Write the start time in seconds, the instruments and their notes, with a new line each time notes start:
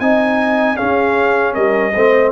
0.00 tuba C4, trombone D#4, horn D#5, trumpet G#5
0.77 trombone C#4, tuba C#4, horn G#4, trumpet F5
1.54 tuba G3, horn A#4, trumpet D#5
1.94 tuba A3, trombone C4, horn C5